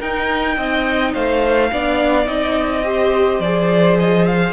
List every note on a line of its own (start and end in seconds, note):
0.00 0.57 D#4
0.00 1.72 D#4
0.00 0.57 A#4
0.00 1.14 G5
0.57 1.14 C4
0.57 1.14 D#5
1.14 1.72 A3
1.14 1.70 C5
1.14 2.28 F5
1.73 2.27 B3
1.73 2.25 D4
1.73 2.86 D5
2.25 3.40 C4
2.25 2.82 D#4
2.25 3.41 D#5
2.85 3.41 G4
2.85 4.54 C5
3.40 4.53 F3
3.40 4.54 G#4
3.40 3.97 D5
3.99 4.27 D#5
4.27 4.54 F5